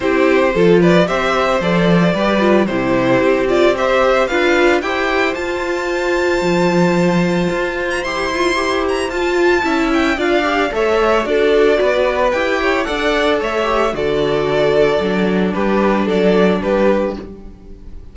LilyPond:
<<
  \new Staff \with { instrumentName = "violin" } { \time 4/4 \tempo 4 = 112 c''4. d''8 e''4 d''4~ | d''4 c''4. d''8 e''4 | f''4 g''4 a''2~ | a''2~ a''8. ais''16 c'''4~ |
c'''8 ais''8 a''4. g''8 f''4 | e''4 d''2 g''4 | fis''4 e''4 d''2~ | d''4 b'4 d''4 b'4 | }
  \new Staff \with { instrumentName = "violin" } { \time 4/4 g'4 a'8 b'8 c''2 | b'4 g'2 c''4 | b'4 c''2.~ | c''1~ |
c''2 e''4 d''4 | cis''4 a'4 b'4. cis''8 | d''4 cis''4 a'2~ | a'4 g'4 a'4 g'4 | }
  \new Staff \with { instrumentName = "viola" } { \time 4/4 e'4 f'4 g'4 a'4 | g'8 f'8 e'4. f'8 g'4 | f'4 g'4 f'2~ | f'2. g'8 f'8 |
g'4 f'4 e'4 f'8 g'8 | a'4 fis'2 g'4 | a'4. g'8 fis'2 | d'1 | }
  \new Staff \with { instrumentName = "cello" } { \time 4/4 c'4 f4 c'4 f4 | g4 c4 c'2 | d'4 e'4 f'2 | f2 f'4 e'4~ |
e'4 f'4 cis'4 d'4 | a4 d'4 b4 e'4 | d'4 a4 d2 | fis4 g4 fis4 g4 | }
>>